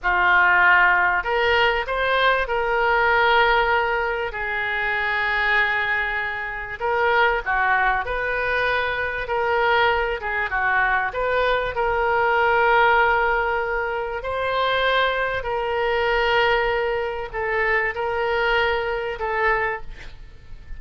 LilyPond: \new Staff \with { instrumentName = "oboe" } { \time 4/4 \tempo 4 = 97 f'2 ais'4 c''4 | ais'2. gis'4~ | gis'2. ais'4 | fis'4 b'2 ais'4~ |
ais'8 gis'8 fis'4 b'4 ais'4~ | ais'2. c''4~ | c''4 ais'2. | a'4 ais'2 a'4 | }